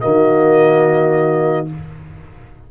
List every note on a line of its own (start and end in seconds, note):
0.00 1.71 D#3
0.00 1.67 A#3
0.00 1.69 F#4
0.00 1.67 D#5